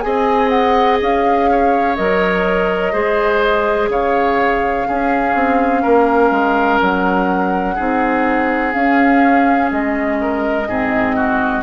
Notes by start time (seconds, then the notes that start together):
0.00 C4 G#4 D#5 G#5
0.49 F#5
1.01 C#4 F5
1.51 C#5
1.96 F#3 A#4 D#5
2.92 G#3 G#4 C5
3.88 C#3 C#5 F5
4.87 C#4 G#4
5.34 C4
5.82 A#3 A#4
6.30 G#3
6.81 F#3 F#5
7.75 C4 D#4 G#4
8.72 C#4 F5
9.71 G#3 D#5
10.21 A#4
10.67 G#2 C4 G#4
11.16 F#4